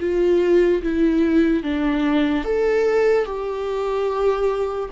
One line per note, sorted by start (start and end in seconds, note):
0.00 0.82 F4
0.82 1.63 E4
1.63 2.44 D4
2.44 3.25 A4
3.25 4.90 G4